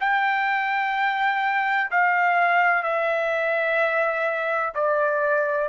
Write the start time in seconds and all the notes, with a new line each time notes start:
0.00 G5
1.90 F5
2.83 E5
4.74 D5